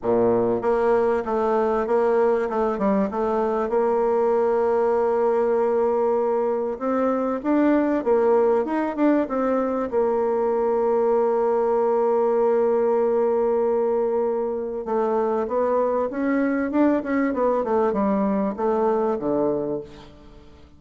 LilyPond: \new Staff \with { instrumentName = "bassoon" } { \time 4/4 \tempo 4 = 97 ais,4 ais4 a4 ais4 | a8 g8 a4 ais2~ | ais2. c'4 | d'4 ais4 dis'8 d'8 c'4 |
ais1~ | ais1 | a4 b4 cis'4 d'8 cis'8 | b8 a8 g4 a4 d4 | }